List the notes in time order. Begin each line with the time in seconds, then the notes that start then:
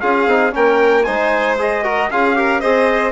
0.00 C#4 F4 G#4 F5
0.26 C4 D#4
0.51 A#3 C#4 A#4 G5
1.03 G#3 D#4 C5 G#5
1.58 G#4 D#5
1.83 F#4 A#4
2.11 C#4 F4 G#4 F5
2.35 G4 A#4
2.60 C4 G#4 C5 D#5